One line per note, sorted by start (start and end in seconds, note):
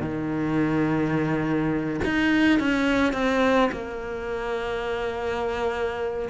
0.00 2.00 D#3
2.04 2.59 D#4
2.59 3.12 C#4
3.12 3.70 C4
3.71 6.29 A#3